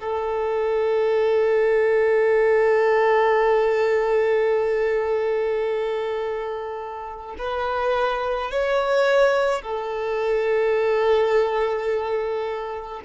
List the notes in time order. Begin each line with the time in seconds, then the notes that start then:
0.00 A4
7.38 B4
8.51 C#5
9.62 A4